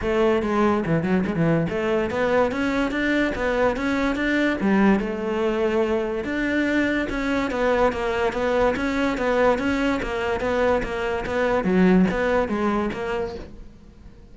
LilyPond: \new Staff \with { instrumentName = "cello" } { \time 4/4 \tempo 4 = 144 a4 gis4 e8 fis8 gis16 e8. | a4 b4 cis'4 d'4 | b4 cis'4 d'4 g4 | a2. d'4~ |
d'4 cis'4 b4 ais4 | b4 cis'4 b4 cis'4 | ais4 b4 ais4 b4 | fis4 b4 gis4 ais4 | }